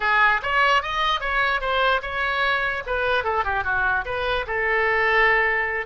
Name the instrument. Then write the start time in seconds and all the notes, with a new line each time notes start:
oboe
0.00 G#4
0.42 C#5
0.82 D#5
1.20 C#5
1.60 C5
2.02 C#5
2.86 B4
3.24 A4
3.44 G4
3.64 F#4
4.05 B4
4.46 A4